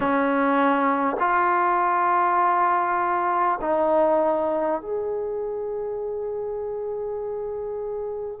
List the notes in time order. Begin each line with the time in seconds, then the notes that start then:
0.00 C#4
1.19 F4
3.61 D#4
4.81 G#4